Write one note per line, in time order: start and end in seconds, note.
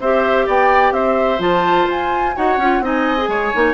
0.00 0.47 C4
0.00 1.39 G4
0.00 0.47 C5
0.00 0.49 E5
0.47 0.92 B3
0.47 0.94 D5
0.47 0.93 G5
0.92 1.39 C4
0.92 2.36 C5
0.92 1.40 E5
1.39 1.86 F3
1.39 2.33 F4
1.39 1.89 A5
1.88 2.36 F4
1.88 2.37 G#5
2.36 2.57 D#4
2.36 2.60 F#4
2.36 2.84 C#5
2.36 2.85 F#5
2.57 2.81 C#4
2.57 2.83 F4
2.81 3.28 C4
2.81 3.18 D#4
2.81 3.30 D#5
2.81 3.74 G#5
3.18 3.53 G#4
3.28 3.52 G#3
3.28 3.74 C#5
3.54 3.74 A#3
3.54 3.74 D#4